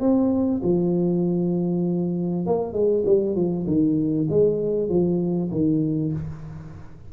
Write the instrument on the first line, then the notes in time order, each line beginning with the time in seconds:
tuba
0.00 C4
0.63 F3
2.46 A#3
2.73 G#3
3.05 G3
3.35 F3
3.66 D#3
4.29 G#3
4.89 F3
5.51 D#3